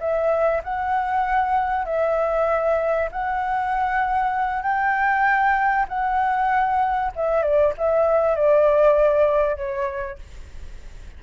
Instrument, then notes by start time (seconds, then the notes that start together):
flute
0.00 E5
0.64 F#5
1.86 E5
3.12 F#5
4.63 G5
5.89 F#5
7.16 E5
7.43 D5
7.78 E5
8.36 D5
9.57 C#5